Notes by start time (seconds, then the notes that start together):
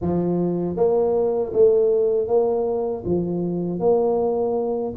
0.01 F3
0.76 A#3
1.53 A3
2.27 A#3
3.05 F3
3.79 A#3